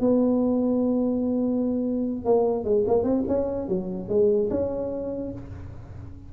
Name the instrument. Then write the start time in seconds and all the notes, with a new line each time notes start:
tuba
0.00 B3
2.25 A#3
2.64 G#3
2.87 A#3
3.03 C4
3.27 C#4
3.68 F#3
4.08 G#3
4.50 C#4